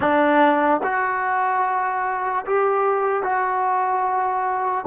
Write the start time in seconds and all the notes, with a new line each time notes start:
0.00 D4
0.83 F#4
2.45 G4
3.22 F#4